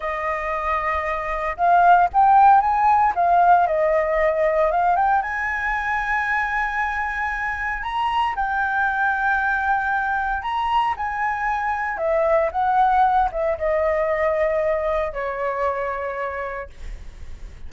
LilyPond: \new Staff \with { instrumentName = "flute" } { \time 4/4 \tempo 4 = 115 dis''2. f''4 | g''4 gis''4 f''4 dis''4~ | dis''4 f''8 g''8 gis''2~ | gis''2. ais''4 |
g''1 | ais''4 gis''2 e''4 | fis''4. e''8 dis''2~ | dis''4 cis''2. | }